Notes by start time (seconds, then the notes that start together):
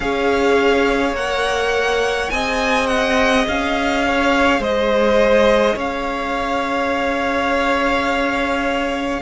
0.00 C#4 G#4 C#5 F5
1.12 A#3 A#4 F#5
2.30 C4 G#4 D#5 G#5
2.87 F#5
3.48 C#4 F5
4.06 C#5
4.59 G#3 C5 D#5
5.74 C#4 C#5 F5